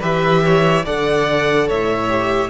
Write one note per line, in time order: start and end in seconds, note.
0.00 0.85 E3
0.00 0.85 G4
0.00 0.42 B4
0.00 0.86 E5
0.45 0.85 C#5
0.85 1.70 D3
0.85 2.09 A4
0.85 1.68 D5
0.85 1.69 F#5
1.68 2.50 A2
1.68 2.50 C#5
1.68 2.50 E5
2.09 2.50 G4